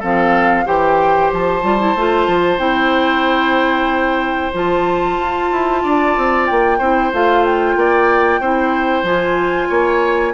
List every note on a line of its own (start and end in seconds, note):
0.00 0.66 F3
0.00 0.65 C4
0.00 0.65 A4
0.00 0.67 F5
0.65 1.31 E3
0.65 1.62 G4
0.65 5.82 C5
0.65 1.32 G5
1.32 1.63 F3
1.32 2.59 A5
1.63 1.95 G3
1.63 1.79 F4
1.79 1.95 E4
1.95 2.27 A3
1.95 2.58 F4
2.27 2.58 F3
2.58 4.52 C4
2.58 4.52 E4
2.58 4.52 G5
4.53 5.18 F3
4.53 6.79 F4
4.53 6.47 A5
5.18 5.50 F4
5.52 5.84 E4
5.83 6.16 D4
5.83 6.78 D5
6.17 6.49 C4
6.47 6.80 A#3
6.47 7.11 G5
6.78 7.12 C4
6.78 7.13 E4
6.78 7.75 C5
7.13 7.76 A3
7.13 8.42 F4
7.13 7.45 F5
7.45 9.06 G5
7.76 8.40 A#3
7.76 8.41 D5
8.40 9.03 C4
8.40 9.05 E4
8.40 9.69 C5
9.03 9.67 F3
9.03 10.34 F4
9.03 10.34 G#5
9.69 10.34 A#3
9.69 10.33 C#5